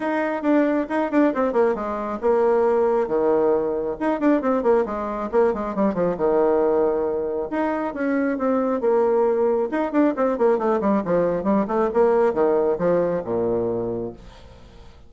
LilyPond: \new Staff \with { instrumentName = "bassoon" } { \time 4/4 \tempo 4 = 136 dis'4 d'4 dis'8 d'8 c'8 ais8 | gis4 ais2 dis4~ | dis4 dis'8 d'8 c'8 ais8 gis4 | ais8 gis8 g8 f8 dis2~ |
dis4 dis'4 cis'4 c'4 | ais2 dis'8 d'8 c'8 ais8 | a8 g8 f4 g8 a8 ais4 | dis4 f4 ais,2 | }